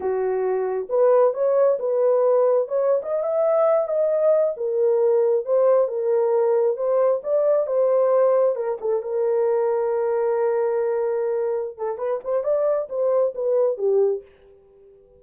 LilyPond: \new Staff \with { instrumentName = "horn" } { \time 4/4 \tempo 4 = 135 fis'2 b'4 cis''4 | b'2 cis''8. dis''8 e''8.~ | e''8. dis''4. ais'4.~ ais'16~ | ais'16 c''4 ais'2 c''8.~ |
c''16 d''4 c''2 ais'8 a'16~ | a'16 ais'2.~ ais'8.~ | ais'2~ ais'8 a'8 b'8 c''8 | d''4 c''4 b'4 g'4 | }